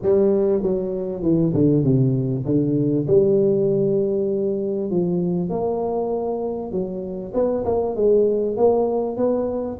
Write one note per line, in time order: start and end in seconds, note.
0.02 0.62 G3
0.62 1.22 F#3
1.22 1.53 E3
1.54 1.83 D3
1.83 2.44 C3
2.45 3.06 D3
3.07 4.90 G3
4.90 5.49 F3
5.49 6.71 A#3
6.71 7.32 F#3
7.33 7.64 B3
7.65 7.95 A#3
7.95 8.56 G#3
8.56 9.16 A#3
9.16 9.78 B3